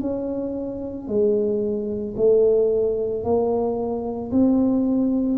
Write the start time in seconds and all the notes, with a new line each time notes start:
0.00 C#4
1.07 G#3
2.16 A3
3.23 A#3
4.31 C4